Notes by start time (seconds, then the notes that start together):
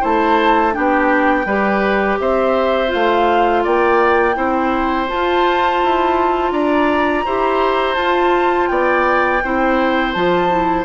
0.00 A3 E4 C5 A5
0.72 B3 D4 G4 G5
1.45 G3 G4 B4
2.20 C4 C5 E5
2.87 F4 F5
2.94 A3
3.63 A#3 D5 G5
4.34 C4 E4 C5
5.08 F4 A5
5.83 E4
6.51 D4 D5 A#5
7.25 E4 G4 C5
7.95 F4 A5
8.67 B3 D5 G5
9.44 C4 E4 C5
10.12 F3 F4 A5
10.50 E4